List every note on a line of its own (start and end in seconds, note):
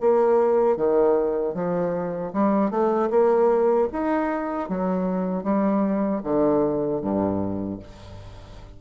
0.00 0.77 A#3
0.77 1.54 D#3
1.54 2.32 F3
2.33 2.70 G3
2.70 3.09 A3
3.10 3.88 A#3
3.92 4.69 D#4
4.69 5.43 F#3
5.43 6.21 G3
6.23 7.01 D3
7.01 7.79 G2